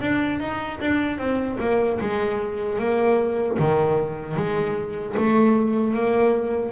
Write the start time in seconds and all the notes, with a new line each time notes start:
0.00 D4
0.39 D#4
0.80 D4
1.18 C4
1.60 A#3
2.00 G#3
2.78 A#3
3.58 D#3
4.36 G#3
5.16 A3
5.94 A#3